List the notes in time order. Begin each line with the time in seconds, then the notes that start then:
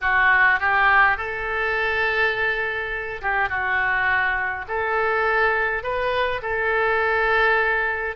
0.01 F#4
0.59 G4
1.17 A4
3.21 G4
3.49 F#4
4.68 A4
5.83 B4
6.42 A4